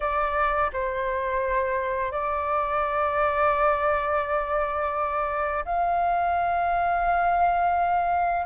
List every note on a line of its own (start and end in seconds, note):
0.00 0.71 D5
0.73 2.11 C5
2.11 5.64 D5
5.65 8.45 F5